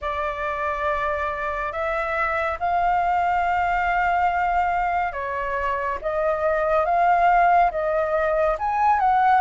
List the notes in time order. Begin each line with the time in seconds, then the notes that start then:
0.01 D5
1.72 E5
2.59 F5
5.12 C#5
6.01 D#5
6.85 F5
7.71 D#5
8.58 G#5
8.99 F#5